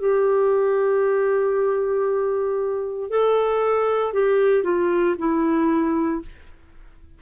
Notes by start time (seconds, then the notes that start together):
0.00 G4
3.10 A4
4.13 G4
4.64 F4
5.19 E4